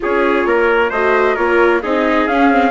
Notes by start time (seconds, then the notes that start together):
0.00 C#4 F4 G#4 C#5
0.45 A#3 A#4
0.90 A3 F#4 C5 D#5
1.35 A#3 F4 A#4 C#5
1.82 C4 D#4 G#4 D#5
2.27 C#4 F5
2.51 C4